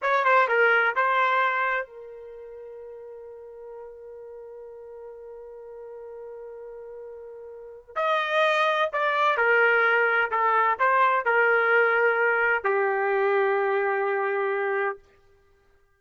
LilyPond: \new Staff \with { instrumentName = "trumpet" } { \time 4/4 \tempo 4 = 128 cis''8 c''8 ais'4 c''2 | ais'1~ | ais'1~ | ais'1~ |
ais'4 dis''2 d''4 | ais'2 a'4 c''4 | ais'2. g'4~ | g'1 | }